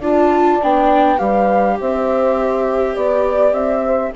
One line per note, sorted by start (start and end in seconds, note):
0.00 0.59 D4
0.00 0.61 F4
0.00 1.18 D5
0.00 0.63 A5
0.63 1.20 B3
0.63 1.18 D4
0.63 1.19 G5
1.18 1.79 G3
1.18 4.12 G4
1.18 1.77 B4
1.18 1.78 F5
1.80 2.96 C4
1.80 2.94 C5
1.80 2.96 E5
2.94 3.53 B3
2.94 3.82 D5
2.94 3.54 D5
3.53 4.12 C4
3.53 4.12 E5
3.85 4.14 C5